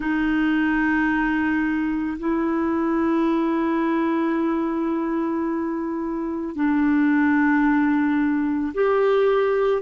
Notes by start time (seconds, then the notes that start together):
0.00 D#4
2.19 E4
6.55 D4
8.74 G4